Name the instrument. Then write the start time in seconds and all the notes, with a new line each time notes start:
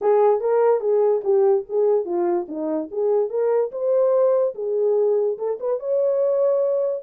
horn
0.01 G#4
0.40 A#4
0.80 G#4
1.23 G4
1.69 G#4
2.05 F4
2.48 D#4
2.91 G#4
3.29 A#4
3.71 C5
4.55 G#4
5.38 A4
5.60 B4
5.79 C#5